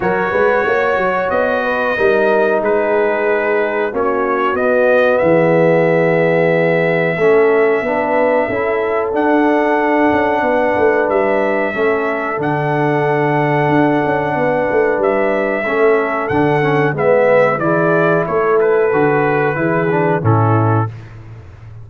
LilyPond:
<<
  \new Staff \with { instrumentName = "trumpet" } { \time 4/4 \tempo 4 = 92 cis''2 dis''2 | b'2 cis''4 dis''4 | e''1~ | e''2 fis''2~ |
fis''4 e''2 fis''4~ | fis''2. e''4~ | e''4 fis''4 e''4 d''4 | cis''8 b'2~ b'8 a'4 | }
  \new Staff \with { instrumentName = "horn" } { \time 4/4 ais'8 b'8 cis''4. b'8 ais'4 | gis'2 fis'2 | gis'2. a'4 | b'4 a'2. |
b'2 a'2~ | a'2 b'2 | a'2 b'4 gis'4 | a'2 gis'4 e'4 | }
  \new Staff \with { instrumentName = "trombone" } { \time 4/4 fis'2. dis'4~ | dis'2 cis'4 b4~ | b2. cis'4 | d'4 e'4 d'2~ |
d'2 cis'4 d'4~ | d'1 | cis'4 d'8 cis'8 b4 e'4~ | e'4 fis'4 e'8 d'8 cis'4 | }
  \new Staff \with { instrumentName = "tuba" } { \time 4/4 fis8 gis8 ais8 fis8 b4 g4 | gis2 ais4 b4 | e2. a4 | b4 cis'4 d'4. cis'8 |
b8 a8 g4 a4 d4~ | d4 d'8 cis'8 b8 a8 g4 | a4 d4 gis4 e4 | a4 d4 e4 a,4 | }
>>